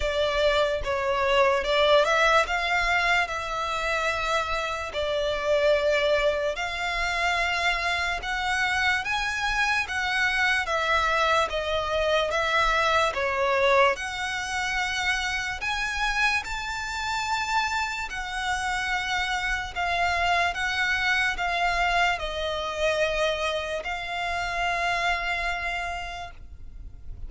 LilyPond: \new Staff \with { instrumentName = "violin" } { \time 4/4 \tempo 4 = 73 d''4 cis''4 d''8 e''8 f''4 | e''2 d''2 | f''2 fis''4 gis''4 | fis''4 e''4 dis''4 e''4 |
cis''4 fis''2 gis''4 | a''2 fis''2 | f''4 fis''4 f''4 dis''4~ | dis''4 f''2. | }